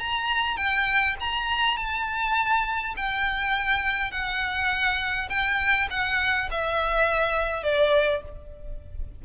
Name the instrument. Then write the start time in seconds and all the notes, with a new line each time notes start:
violin
0.00 A#5
0.57 G5
1.20 A#5
1.77 A5
2.97 G5
4.11 F#5
5.29 G5
5.91 F#5
6.51 E5
7.64 D5